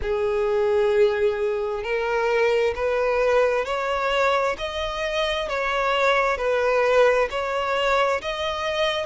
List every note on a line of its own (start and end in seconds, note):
0.02 1.83 G#4
1.83 2.74 A#4
2.75 3.65 B4
3.65 4.56 C#5
4.57 5.48 D#5
5.48 6.37 C#5
6.37 7.28 B4
7.30 8.21 C#5
8.21 9.06 D#5